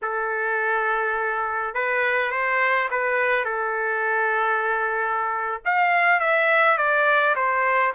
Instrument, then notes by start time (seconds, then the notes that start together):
trumpet
0.02 A4
1.74 B4
2.31 C5
2.90 B4
3.44 A4
5.65 F5
6.20 E5
6.77 D5
7.35 C5